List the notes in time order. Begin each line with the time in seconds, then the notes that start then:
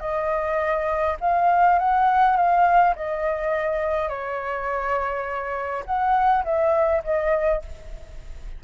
0.00 D#5
1.20 F5
1.79 F#5
2.36 F5
2.95 D#5
4.09 C#5
5.86 F#5
6.44 E5
7.04 D#5